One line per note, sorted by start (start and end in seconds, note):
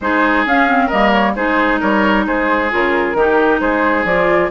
0.01 0.45 G#3
0.01 0.47 D#4
0.01 0.86 G#4
0.01 0.46 C5
0.45 0.91 C#4
0.45 0.67 C#4
0.45 0.89 F5
0.67 0.90 C4
0.86 1.37 G3
0.86 1.36 A#3
0.86 1.31 A#4
0.86 1.11 D#5
1.12 1.34 C#5
1.35 1.82 G#3
1.35 2.70 D#4
1.35 1.80 G#4
1.35 1.80 C5
1.80 2.26 G3
1.80 2.25 A#4
1.80 2.26 C#5
2.26 2.71 G#3
2.26 3.17 G#4
2.26 2.72 C5
2.70 3.14 C#3
2.70 3.15 F4
2.70 3.60 A#4
3.14 3.59 D#3
3.14 4.06 D#4
3.14 3.60 G4
3.60 4.04 G#3
3.60 4.50 G#4
3.60 4.05 C5
4.04 4.49 F3
4.04 4.50 F4
4.04 4.50 D5